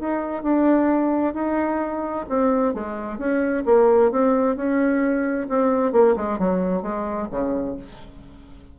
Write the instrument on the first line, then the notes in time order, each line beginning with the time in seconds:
bassoon
0.00 D#4
0.43 D4
1.34 D#4
2.29 C4
2.74 G#3
3.18 C#4
3.66 A#3
4.11 C4
4.56 C#4
5.49 C4
5.93 A#3
6.16 G#3
6.39 F#3
6.82 G#3
7.31 C#3